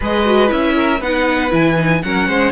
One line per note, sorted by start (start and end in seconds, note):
0.00 0.51 G#3
0.00 0.25 G#4
0.00 0.74 B4
0.00 0.51 D#5
0.25 0.47 F#4
0.47 1.00 C#4
0.47 0.98 E4
0.47 1.01 E5
0.75 0.99 A#4
0.99 1.51 B3
0.99 1.50 D#4
0.99 2.00 B4
0.99 1.52 F#5
1.50 2.02 E3
1.50 1.75 E4
1.50 2.02 G#5
1.75 2.01 D#4
2.02 2.27 F#3
2.02 2.51 C#4
2.02 2.27 A#4
2.02 2.51 F#5
2.27 2.51 G#3
2.27 2.51 C5